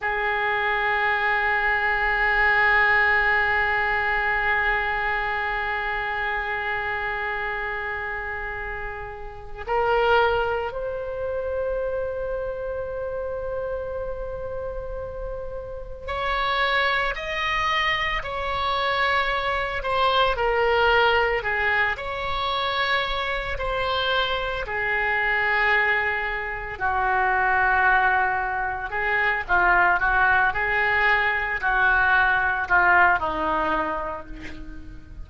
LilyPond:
\new Staff \with { instrumentName = "oboe" } { \time 4/4 \tempo 4 = 56 gis'1~ | gis'1~ | gis'4 ais'4 c''2~ | c''2. cis''4 |
dis''4 cis''4. c''8 ais'4 | gis'8 cis''4. c''4 gis'4~ | gis'4 fis'2 gis'8 f'8 | fis'8 gis'4 fis'4 f'8 dis'4 | }